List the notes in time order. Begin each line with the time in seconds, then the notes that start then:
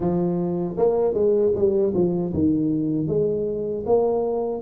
0.00 F3
0.77 A#3
1.14 G#3
1.54 G3
1.94 F3
2.33 D#3
3.07 G#3
3.85 A#3